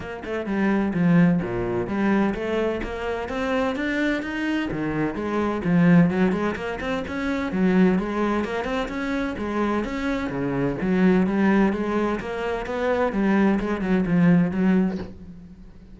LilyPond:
\new Staff \with { instrumentName = "cello" } { \time 4/4 \tempo 4 = 128 ais8 a8 g4 f4 ais,4 | g4 a4 ais4 c'4 | d'4 dis'4 dis4 gis4 | f4 fis8 gis8 ais8 c'8 cis'4 |
fis4 gis4 ais8 c'8 cis'4 | gis4 cis'4 cis4 fis4 | g4 gis4 ais4 b4 | g4 gis8 fis8 f4 fis4 | }